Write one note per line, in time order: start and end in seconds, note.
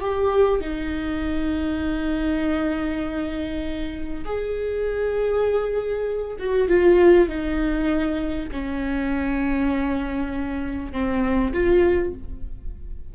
0.00 0.60 G4
0.60 4.24 D#4
4.25 6.37 G#4
6.39 6.68 F#4
6.68 7.28 F4
7.28 8.49 D#4
8.51 10.92 C#4
10.92 11.53 C4
11.53 12.13 F4